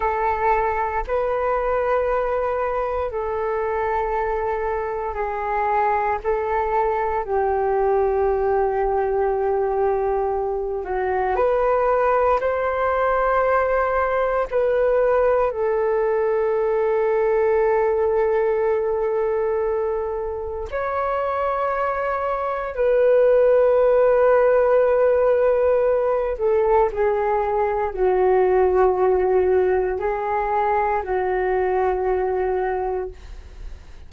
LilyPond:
\new Staff \with { instrumentName = "flute" } { \time 4/4 \tempo 4 = 58 a'4 b'2 a'4~ | a'4 gis'4 a'4 g'4~ | g'2~ g'8 fis'8 b'4 | c''2 b'4 a'4~ |
a'1 | cis''2 b'2~ | b'4. a'8 gis'4 fis'4~ | fis'4 gis'4 fis'2 | }